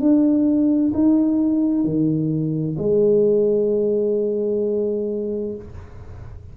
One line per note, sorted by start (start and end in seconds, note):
0.00 0.92 D4
0.94 1.84 D#4
1.84 2.77 D#3
2.78 5.55 G#3